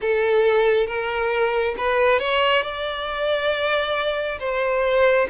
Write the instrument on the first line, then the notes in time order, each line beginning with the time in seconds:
violin
0.01 A4
0.86 A#4
1.77 B4
2.19 C#5
2.62 D5
4.39 C5